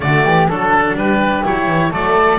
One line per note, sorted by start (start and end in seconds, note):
0.00 0.24 D3
0.00 0.47 A3
0.00 0.24 F#4
0.00 0.47 D5
0.24 0.48 E3
0.24 0.48 G4
0.48 0.94 F#3
0.48 1.43 D4
0.48 0.96 A4
0.94 1.42 G3
0.94 1.90 G4
0.94 1.45 B4
1.43 1.66 F#3
1.43 1.90 E4
1.43 1.93 C#5
1.66 1.90 E3
1.90 2.39 F#3
1.90 2.38 A3
1.90 2.38 A4
1.90 2.39 D5